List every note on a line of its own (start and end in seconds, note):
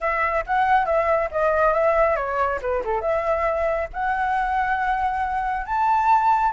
0.00 0.44 E5
0.46 0.85 F#5
0.85 1.29 E5
1.31 1.73 D#5
1.73 2.16 E5
2.16 2.59 C#5
2.61 2.83 B4
2.84 3.01 A4
3.01 3.88 E5
3.93 5.66 F#5
5.66 6.52 A5